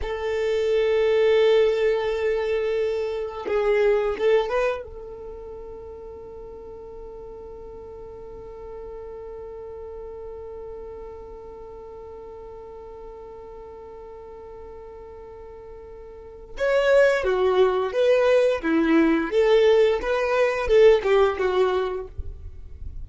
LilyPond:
\new Staff \with { instrumentName = "violin" } { \time 4/4 \tempo 4 = 87 a'1~ | a'4 gis'4 a'8 b'8 a'4~ | a'1~ | a'1~ |
a'1~ | a'1 | cis''4 fis'4 b'4 e'4 | a'4 b'4 a'8 g'8 fis'4 | }